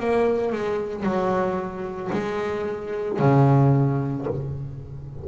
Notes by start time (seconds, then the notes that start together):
0.00 A#3
0.53 G#3
1.03 F#3
2.13 G#3
3.19 C#3